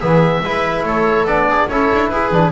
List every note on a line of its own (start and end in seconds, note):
0.00 0.42 E3
0.00 0.44 B3
0.00 0.42 G#4
0.00 0.84 E5
0.42 0.83 G#3
0.42 1.27 E4
0.42 0.86 B4
0.83 1.25 A3
0.83 1.49 A4
0.83 1.27 C#5
1.25 1.67 B3
1.25 1.69 D4
1.25 1.69 D5
1.49 1.70 G#4
1.69 1.91 C#4
1.69 2.33 E4
1.69 2.12 A4
1.69 2.09 C#5
1.94 2.12 D4
2.09 2.32 E4
2.09 2.52 G#4
2.09 2.51 B4
2.32 2.52 E3
2.32 2.52 D4